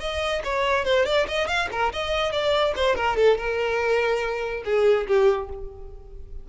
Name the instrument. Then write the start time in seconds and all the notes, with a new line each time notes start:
violin
0.00 D#5
0.44 C#5
0.85 C5
1.06 D5
1.28 D#5
1.48 F5
1.72 A#4
1.93 D#5
2.32 D5
2.76 C5
2.96 A#4
3.17 A4
3.38 A#4
4.65 G#4
5.07 G4